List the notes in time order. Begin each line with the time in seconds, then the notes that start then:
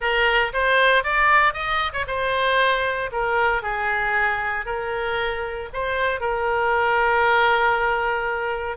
0.00 A#4
0.53 C5
1.03 D5
1.53 D#5
1.93 C#5
2.07 C5
3.12 A#4
3.62 G#4
4.65 A#4
5.73 C5
6.20 A#4